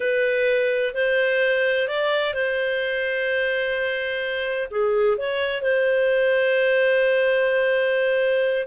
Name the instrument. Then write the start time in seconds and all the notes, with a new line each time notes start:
clarinet
0.00 B4
0.94 C5
1.88 D5
2.34 C5
4.70 G#4
5.17 C#5
5.62 C5